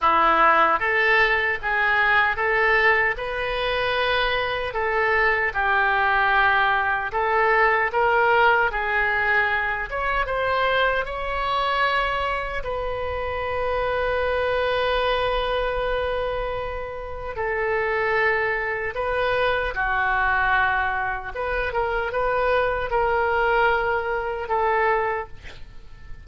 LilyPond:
\new Staff \with { instrumentName = "oboe" } { \time 4/4 \tempo 4 = 76 e'4 a'4 gis'4 a'4 | b'2 a'4 g'4~ | g'4 a'4 ais'4 gis'4~ | gis'8 cis''8 c''4 cis''2 |
b'1~ | b'2 a'2 | b'4 fis'2 b'8 ais'8 | b'4 ais'2 a'4 | }